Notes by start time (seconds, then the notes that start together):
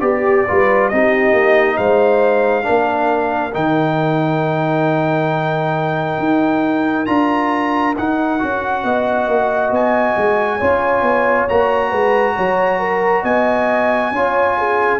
0.00 B3 G4 D5
0.47 G3 F4 B4
0.89 C4 D#4 G4 D#5
1.33 A#3
1.77 G#3 C5 F5
2.62 A#3 D4 A#4
3.53 D#3 D#4 G5
6.18 D#4
7.06 D4 F4 A#5
7.97 D#4 F#5
8.39 C#4 F#4
8.84 B3 D#5
9.28 A#3
9.71 B3 G#5
10.17 G#3
10.58 C#4 F4 C#5
11.02 B3
11.49 A#3 F#4 A#5
11.90 G#3 B4
12.36 F#3 C#5
12.79 A#4
13.23 B3 D#5 G#5
14.11 C#4 F4 C#5
14.58 G#4